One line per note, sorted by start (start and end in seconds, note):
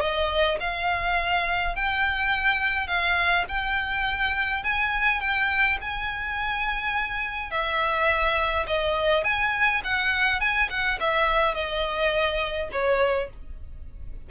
0.00 0.58 D#5
0.60 1.75 F5
1.75 2.87 G5
2.87 3.45 F5
3.48 4.63 G5
4.63 5.20 G#5
5.20 5.78 G5
5.81 7.51 G#5
7.51 8.66 E5
8.67 9.24 D#5
9.24 9.81 G#5
9.84 10.40 F#5
10.40 10.69 G#5
10.70 10.99 F#5
11.00 11.54 E5
11.54 12.69 D#5
12.72 13.29 C#5